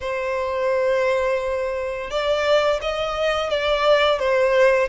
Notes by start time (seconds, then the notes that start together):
0.01 C5
2.10 D5
2.81 D#5
3.49 D5
4.19 C5